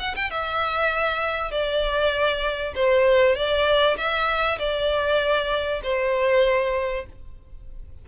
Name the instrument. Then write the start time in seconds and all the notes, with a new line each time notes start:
violin
0.00 F#5
0.16 G5
0.31 E5
1.51 D5
2.75 C5
3.36 D5
3.97 E5
4.59 D5
5.83 C5